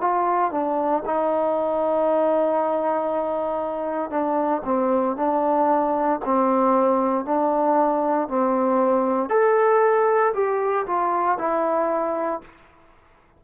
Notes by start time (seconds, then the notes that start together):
0.00 F4
0.51 D4
1.05 D#4
4.10 D4
4.64 C4
5.16 D4
6.24 C4
7.25 D4
8.28 C4
9.29 A4
10.34 G4
10.86 F4
11.38 E4